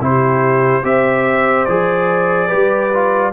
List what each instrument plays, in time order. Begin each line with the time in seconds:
0.00 tuba C3, trombone E4, horn G4, trumpet C5
0.83 tuba C4, trombone G4, horn C5, trumpet E5
1.65 tuba F3, trombone G#4, trumpet D5
2.47 tuba G3, trombone G4, horn B4
2.93 trombone F4